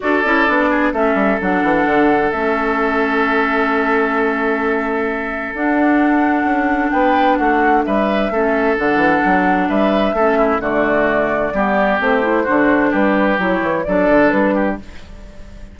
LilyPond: <<
  \new Staff \with { instrumentName = "flute" } { \time 4/4 \tempo 4 = 130 d''2 e''4 fis''4~ | fis''4 e''2.~ | e''1 | fis''2. g''4 |
fis''4 e''2 fis''4~ | fis''4 e''2 d''4~ | d''2 c''2 | b'4 cis''4 d''4 b'4 | }
  \new Staff \with { instrumentName = "oboe" } { \time 4/4 a'4. gis'8 a'2~ | a'1~ | a'1~ | a'2. b'4 |
fis'4 b'4 a'2~ | a'4 b'4 a'8 e'8 fis'4~ | fis'4 g'2 fis'4 | g'2 a'4. g'8 | }
  \new Staff \with { instrumentName = "clarinet" } { \time 4/4 fis'8 e'8 d'4 cis'4 d'4~ | d'4 cis'2.~ | cis'1 | d'1~ |
d'2 cis'4 d'4~ | d'2 cis'4 a4~ | a4 b4 c'8 e'8 d'4~ | d'4 e'4 d'2 | }
  \new Staff \with { instrumentName = "bassoon" } { \time 4/4 d'8 cis'8 b4 a8 g8 fis8 e8 | d4 a2.~ | a1 | d'2 cis'4 b4 |
a4 g4 a4 d8 e8 | fis4 g4 a4 d4~ | d4 g4 a4 d4 | g4 fis8 e8 fis8 d8 g4 | }
>>